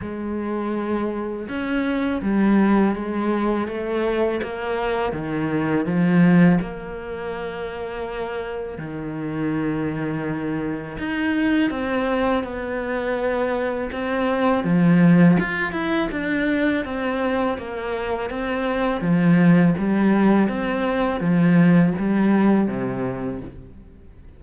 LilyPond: \new Staff \with { instrumentName = "cello" } { \time 4/4 \tempo 4 = 82 gis2 cis'4 g4 | gis4 a4 ais4 dis4 | f4 ais2. | dis2. dis'4 |
c'4 b2 c'4 | f4 f'8 e'8 d'4 c'4 | ais4 c'4 f4 g4 | c'4 f4 g4 c4 | }